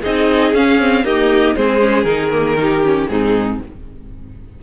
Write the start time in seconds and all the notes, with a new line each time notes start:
0.00 C4 D#4 G#4 D#5
0.53 C#4 F5
0.79 C4
1.04 A#3 D#4 G4 D#5
1.55 G#3 C4 G#4 C5
1.79 C#4
2.03 D#3 D#4 A#4
2.31 A#3
2.58 D#4 G4
2.84 C#4
3.08 G#2 C4 D#4 G#4